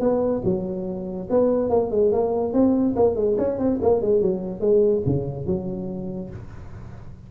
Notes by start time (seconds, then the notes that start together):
0.00 B3
0.45 F#3
1.30 B3
1.70 A#3
1.91 G#3
2.12 A#3
2.53 C4
2.96 A#3
3.16 G#3
3.38 C#4
3.59 C4
3.82 A#3
4.02 G#3
4.22 F#3
4.61 G#3
5.06 C#3
5.46 F#3